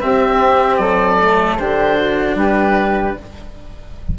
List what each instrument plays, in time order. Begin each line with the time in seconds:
0.00 cello C4, bassoon C4, flute G4, oboe E5
0.77 bassoon F#3, flute A4, oboe D5
1.21 cello A3
1.57 bassoon D3, cello D4, flute G4, oboe C5
1.96 flute F#4
2.35 bassoon G3, flute G4, oboe B4